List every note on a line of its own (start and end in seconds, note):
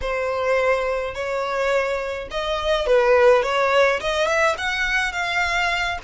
0.01 1.14 C5
1.14 2.28 C#5
2.31 2.86 D#5
2.86 3.42 B4
3.42 3.99 C#5
4.00 4.27 D#5
4.27 4.55 E5
4.57 5.12 F#5
5.12 5.98 F5